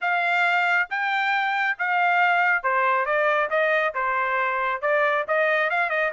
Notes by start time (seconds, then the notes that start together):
0.01 F5
0.90 G5
1.78 F5
2.63 C5
3.05 D5
3.50 D#5
3.94 C5
4.81 D5
5.27 D#5
5.70 F5
5.89 D#5